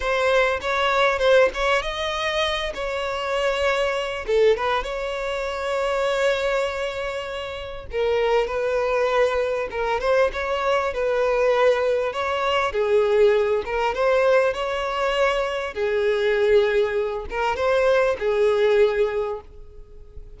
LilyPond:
\new Staff \with { instrumentName = "violin" } { \time 4/4 \tempo 4 = 99 c''4 cis''4 c''8 cis''8 dis''4~ | dis''8 cis''2~ cis''8 a'8 b'8 | cis''1~ | cis''4 ais'4 b'2 |
ais'8 c''8 cis''4 b'2 | cis''4 gis'4. ais'8 c''4 | cis''2 gis'2~ | gis'8 ais'8 c''4 gis'2 | }